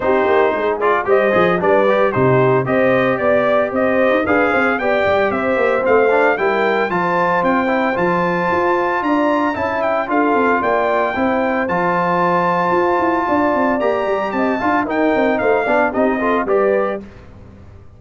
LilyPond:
<<
  \new Staff \with { instrumentName = "trumpet" } { \time 4/4 \tempo 4 = 113 c''4. d''8 dis''4 d''4 | c''4 dis''4 d''4 dis''4 | f''4 g''4 e''4 f''4 | g''4 a''4 g''4 a''4~ |
a''4 ais''4 a''8 g''8 f''4 | g''2 a''2~ | a''2 ais''4 a''4 | g''4 f''4 dis''4 d''4 | }
  \new Staff \with { instrumentName = "horn" } { \time 4/4 g'4 gis'4 c''4 b'4 | g'4 c''4 d''4 c''4 | b'8 c''8 d''4 c''2 | ais'4 c''2.~ |
c''4 d''4 e''4 a'4 | d''4 c''2.~ | c''4 d''2 dis''8 f''8 | ais'4 c''8 d''8 g'8 a'8 b'4 | }
  \new Staff \with { instrumentName = "trombone" } { \time 4/4 dis'4. f'8 g'8 gis'8 d'8 g'8 | dis'4 g'2. | gis'4 g'2 c'8 d'8 | e'4 f'4. e'8 f'4~ |
f'2 e'4 f'4~ | f'4 e'4 f'2~ | f'2 g'4. f'8 | dis'4. d'8 dis'8 f'8 g'4 | }
  \new Staff \with { instrumentName = "tuba" } { \time 4/4 c'8 ais8 gis4 g8 f8 g4 | c4 c'4 b4 c'8. dis'16 | d'8 c'8 b8 g8 c'8 ais8 a4 | g4 f4 c'4 f4 |
f'4 d'4 cis'4 d'8 c'8 | ais4 c'4 f2 | f'8 e'8 d'8 c'8 ais8 g8 c'8 d'8 | dis'8 c'8 a8 b8 c'4 g4 | }
>>